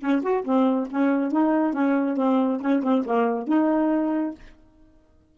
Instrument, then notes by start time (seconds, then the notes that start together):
saxophone
0.00 C#4
0.22 F#4
0.45 C4
0.91 C#4
1.31 D#4
1.73 C#4
2.17 C4
2.61 C#4
2.83 C4
3.06 A#3
3.48 D#4